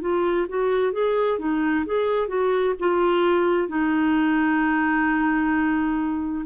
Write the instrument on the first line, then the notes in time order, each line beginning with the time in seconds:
clarinet
0.00 F4
0.48 F#4
0.92 G#4
1.38 D#4
1.85 G#4
2.27 F#4
2.79 F4
3.68 D#4